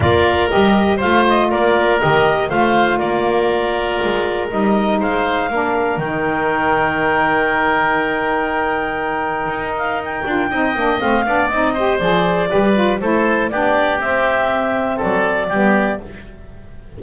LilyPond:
<<
  \new Staff \with { instrumentName = "clarinet" } { \time 4/4 \tempo 4 = 120 d''4 dis''4 f''8 dis''8 d''4 | dis''4 f''4 d''2~ | d''4 dis''4 f''2 | g''1~ |
g''2.~ g''8 f''8 | g''2 f''4 dis''4 | d''2 c''4 d''4 | e''2 d''2 | }
  \new Staff \with { instrumentName = "oboe" } { \time 4/4 ais'2 c''4 ais'4~ | ais'4 c''4 ais'2~ | ais'2 c''4 ais'4~ | ais'1~ |
ais'1~ | ais'4 dis''4. d''4 c''8~ | c''4 b'4 a'4 g'4~ | g'2 a'4 g'4 | }
  \new Staff \with { instrumentName = "saxophone" } { \time 4/4 f'4 g'4 f'2 | g'4 f'2.~ | f'4 dis'2 d'4 | dis'1~ |
dis'1~ | dis'8 f'8 dis'8 d'8 c'8 d'8 dis'8 g'8 | gis'4 g'8 f'8 e'4 d'4 | c'2. b4 | }
  \new Staff \with { instrumentName = "double bass" } { \time 4/4 ais4 g4 a4 ais4 | dis4 a4 ais2 | gis4 g4 gis4 ais4 | dis1~ |
dis2. dis'4~ | dis'8 d'8 c'8 ais8 a8 b8 c'4 | f4 g4 a4 b4 | c'2 fis4 g4 | }
>>